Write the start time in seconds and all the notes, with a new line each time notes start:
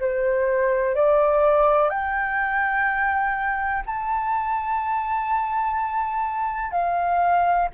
0.00 C5
0.95 D5
1.90 G5
3.86 A5
6.72 F5